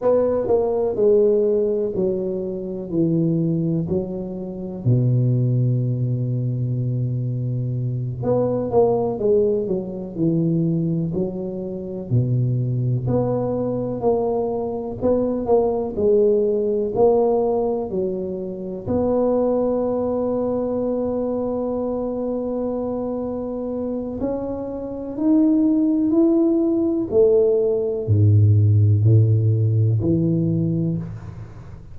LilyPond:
\new Staff \with { instrumentName = "tuba" } { \time 4/4 \tempo 4 = 62 b8 ais8 gis4 fis4 e4 | fis4 b,2.~ | b,8 b8 ais8 gis8 fis8 e4 fis8~ | fis8 b,4 b4 ais4 b8 |
ais8 gis4 ais4 fis4 b8~ | b1~ | b4 cis'4 dis'4 e'4 | a4 gis,4 a,4 e4 | }